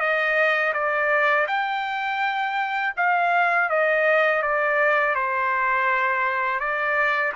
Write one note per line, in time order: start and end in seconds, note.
0.00 0.73 D#5
0.74 1.47 D5
1.48 2.94 G5
2.97 3.70 F5
3.70 4.43 D#5
4.43 5.16 D5
5.16 6.60 C5
6.60 7.33 D5